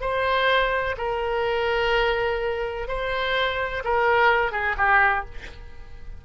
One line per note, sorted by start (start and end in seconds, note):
0.00 0.95 C5
0.97 2.87 A#4
2.87 3.83 C5
3.84 4.52 A#4
4.52 4.75 G#4
4.77 5.25 G4